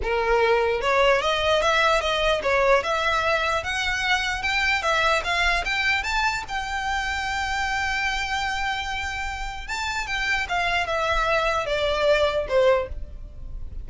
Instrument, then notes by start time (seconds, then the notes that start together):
violin
0.03 A#4
0.81 C#5
1.21 D#5
1.61 E5
2.00 D#5
2.43 C#5
2.83 E5
3.63 F#5
4.42 G5
4.82 E5
5.23 F5
5.64 G5
6.03 A5
6.48 G5
9.67 A5
10.06 G5
10.48 F5
10.86 E5
11.66 D5
12.48 C5